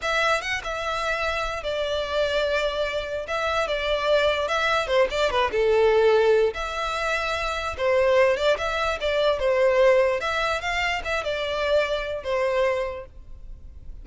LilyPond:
\new Staff \with { instrumentName = "violin" } { \time 4/4 \tempo 4 = 147 e''4 fis''8 e''2~ e''8 | d''1 | e''4 d''2 e''4 | c''8 d''8 b'8 a'2~ a'8 |
e''2. c''4~ | c''8 d''8 e''4 d''4 c''4~ | c''4 e''4 f''4 e''8 d''8~ | d''2 c''2 | }